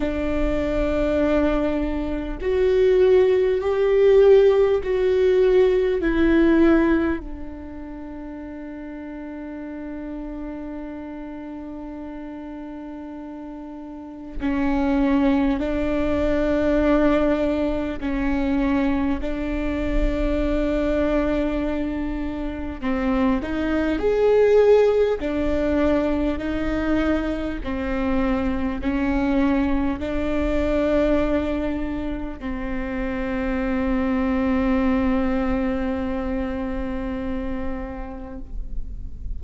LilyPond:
\new Staff \with { instrumentName = "viola" } { \time 4/4 \tempo 4 = 50 d'2 fis'4 g'4 | fis'4 e'4 d'2~ | d'1 | cis'4 d'2 cis'4 |
d'2. c'8 dis'8 | gis'4 d'4 dis'4 c'4 | cis'4 d'2 c'4~ | c'1 | }